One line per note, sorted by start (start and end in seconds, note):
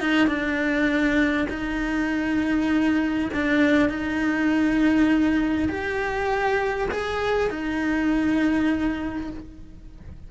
0.00 0.27 D#4
0.27 1.47 D4
1.50 3.30 D#4
3.34 3.89 D4
3.89 5.69 D#4
5.69 6.89 G4
6.91 7.50 G#4
7.50 9.30 D#4